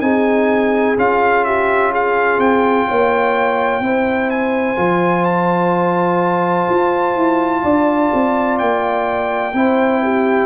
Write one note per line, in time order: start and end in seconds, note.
0.00 0.95 C4
0.00 0.96 D#4
0.00 1.46 G#4
0.00 0.96 G#5
0.97 2.38 C#4
0.97 3.82 F4
0.97 1.44 F5
1.44 1.90 G4
1.44 1.91 E5
1.90 2.86 G#4
1.90 2.40 F5
2.38 2.85 C4
2.38 4.30 G5
2.87 3.80 A#3
2.87 3.83 C#5
3.80 4.75 C4
3.80 4.75 E4
3.80 7.62 C5
4.30 5.24 G#5
4.75 6.68 F3
4.75 9.52 F4
5.24 8.57 A5
6.69 7.15 F4
7.15 7.63 E4
7.62 8.11 D4
7.62 9.53 D5
8.13 8.61 C4
8.58 9.53 A#3
8.58 10.46 G5
9.53 10.46 C4
9.53 10.46 E4
9.53 10.03 C5
10.03 10.46 G4